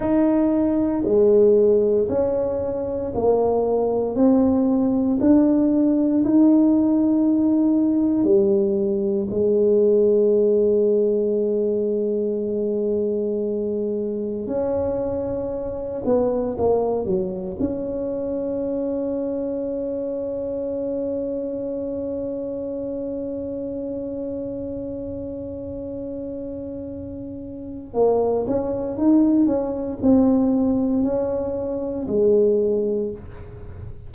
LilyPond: \new Staff \with { instrumentName = "tuba" } { \time 4/4 \tempo 4 = 58 dis'4 gis4 cis'4 ais4 | c'4 d'4 dis'2 | g4 gis2.~ | gis2 cis'4. b8 |
ais8 fis8 cis'2.~ | cis'1~ | cis'2. ais8 cis'8 | dis'8 cis'8 c'4 cis'4 gis4 | }